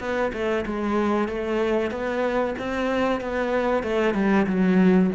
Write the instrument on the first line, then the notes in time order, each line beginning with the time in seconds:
cello
0.00 B3
0.33 A3
0.66 G#3
1.28 A3
1.91 B3
2.59 C4
3.21 B3
3.83 A3
4.14 G3
4.47 F#3